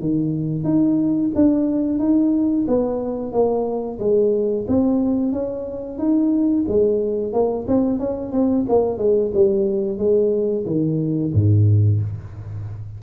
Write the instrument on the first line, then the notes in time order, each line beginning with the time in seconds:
tuba
0.00 D#3
0.65 D#4
1.35 D4
1.99 D#4
2.68 B3
3.32 A#3
3.99 G#3
4.68 C4
5.33 C#4
5.98 D#4
6.68 G#3
7.33 A#3
7.68 C4
7.99 C#4
8.32 C4
8.69 A#3
8.98 G#3
9.35 G3
9.98 G#3
10.66 D#3
11.34 G#2